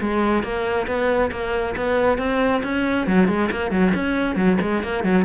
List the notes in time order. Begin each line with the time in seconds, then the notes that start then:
0.00 G#3
0.43 A#3
0.87 B3
1.31 A#3
1.77 B3
2.18 C4
2.63 C#4
3.07 F#3
3.28 G#3
3.51 A#3
3.71 F#3
3.95 C#4
4.36 F#3
4.61 G#3
4.83 A#3
5.03 F#3